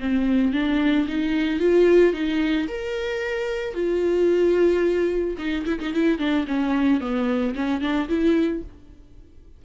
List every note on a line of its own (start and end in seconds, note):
0.00 0.53 C4
0.53 1.07 D4
1.08 1.60 D#4
1.60 2.14 F4
2.14 2.68 D#4
2.68 3.75 A#4
3.75 5.37 F4
5.38 5.65 D#4
5.66 5.80 E4
5.80 5.94 D#4
5.94 6.19 E4
6.19 6.46 D4
6.48 7.01 C#4
7.01 7.55 B3
7.56 7.81 C#4
7.81 8.08 D4
8.09 8.63 E4